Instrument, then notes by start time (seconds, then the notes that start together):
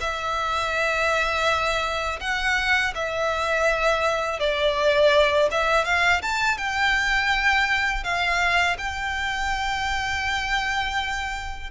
violin
0.00 E5
2.20 F#5
2.95 E5
4.39 D5
5.51 E5
5.85 F5
6.22 A5
6.58 G5
8.04 F5
8.78 G5